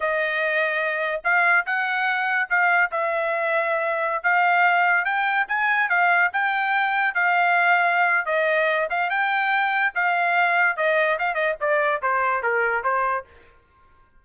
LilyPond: \new Staff \with { instrumentName = "trumpet" } { \time 4/4 \tempo 4 = 145 dis''2. f''4 | fis''2 f''4 e''4~ | e''2~ e''16 f''4.~ f''16~ | f''16 g''4 gis''4 f''4 g''8.~ |
g''4~ g''16 f''2~ f''8. | dis''4. f''8 g''2 | f''2 dis''4 f''8 dis''8 | d''4 c''4 ais'4 c''4 | }